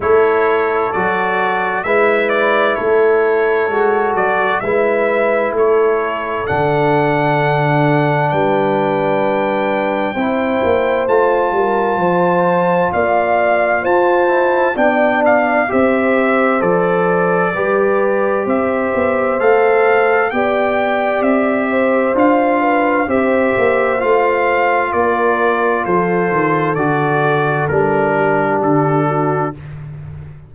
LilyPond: <<
  \new Staff \with { instrumentName = "trumpet" } { \time 4/4 \tempo 4 = 65 cis''4 d''4 e''8 d''8 cis''4~ | cis''8 d''8 e''4 cis''4 fis''4~ | fis''4 g''2. | a''2 f''4 a''4 |
g''8 f''8 e''4 d''2 | e''4 f''4 g''4 e''4 | f''4 e''4 f''4 d''4 | c''4 d''4 ais'4 a'4 | }
  \new Staff \with { instrumentName = "horn" } { \time 4/4 a'2 b'4 a'4~ | a'4 b'4 a'2~ | a'4 b'2 c''4~ | c''8 ais'8 c''4 d''4 c''4 |
d''4 c''2 b'4 | c''2 d''4. c''8~ | c''8 b'8 c''2 ais'4 | a'2~ a'8 g'4 fis'8 | }
  \new Staff \with { instrumentName = "trombone" } { \time 4/4 e'4 fis'4 e'2 | fis'4 e'2 d'4~ | d'2. e'4 | f'2.~ f'8 e'8 |
d'4 g'4 a'4 g'4~ | g'4 a'4 g'2 | f'4 g'4 f'2~ | f'4 fis'4 d'2 | }
  \new Staff \with { instrumentName = "tuba" } { \time 4/4 a4 fis4 gis4 a4 | gis8 fis8 gis4 a4 d4~ | d4 g2 c'8 ais8 | a8 g8 f4 ais4 f'4 |
b4 c'4 f4 g4 | c'8 b8 a4 b4 c'4 | d'4 c'8 ais8 a4 ais4 | f8 dis8 d4 g4 d4 | }
>>